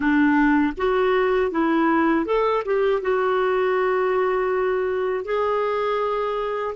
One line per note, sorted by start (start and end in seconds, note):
0.00 0.73 D4
0.77 1.51 F#4
1.51 2.25 E4
2.25 2.62 A4
2.65 3.01 G4
3.01 5.25 F#4
5.25 6.75 G#4